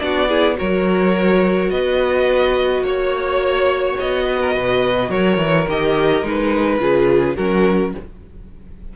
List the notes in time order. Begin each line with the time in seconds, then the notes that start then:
0.00 B3 D4 F#4 D5
0.28 E4 G#4
0.55 F#3 F#4 A#4 C#5
1.71 B3 B4 D#5
2.81 A#3 C#5
2.87 C#5
4.00 B3 D#5
4.24 B4
4.42 A#4
4.54 B2 B4
5.10 F#3 A#4 C#5
5.37 E3
5.68 D#3 G4 D#5
6.23 G#3 D#4 B4
6.79 C#3 F4 G#4
7.36 F#3 C#4 F#4 A#4